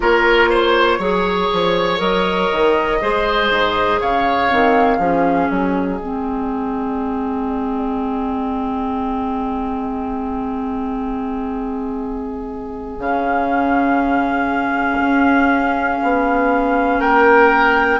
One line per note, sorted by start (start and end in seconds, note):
0.00 0.99 A#3
0.00 1.00 F4
0.00 0.49 A#4
0.00 1.99 C#5
0.49 0.98 C5
0.98 1.49 F#3
0.98 1.97 G#4
0.98 2.98 C#5
1.52 2.00 F3
1.97 2.50 F#3
1.97 2.98 A#4
1.97 3.99 D#5
2.52 3.01 D#3
3.00 3.50 G#3
3.00 4.49 G#4
3.00 4.00 C5
3.50 4.00 G#2
4.00 4.51 C#3
4.00 4.97 C#5
4.00 5.50 F5
4.49 4.98 D#3
4.49 4.99 C4
4.97 5.48 F3
4.97 5.99 C#4
4.97 16.97 G#4
5.50 5.98 F#3
5.50 13.00 D#5
5.98 12.98 G#3
5.98 12.99 C4
12.98 14.98 C#3
12.98 17.99 C#4
12.98 17.00 F5
14.99 15.99 C#4
16.02 17.00 B3
16.99 18.00 A#3
16.99 17.99 A#4
16.99 18.00 G5